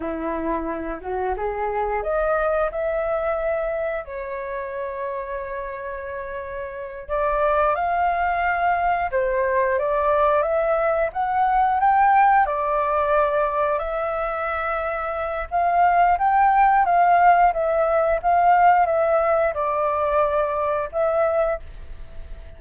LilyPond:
\new Staff \with { instrumentName = "flute" } { \time 4/4 \tempo 4 = 89 e'4. fis'8 gis'4 dis''4 | e''2 cis''2~ | cis''2~ cis''8 d''4 f''8~ | f''4. c''4 d''4 e''8~ |
e''8 fis''4 g''4 d''4.~ | d''8 e''2~ e''8 f''4 | g''4 f''4 e''4 f''4 | e''4 d''2 e''4 | }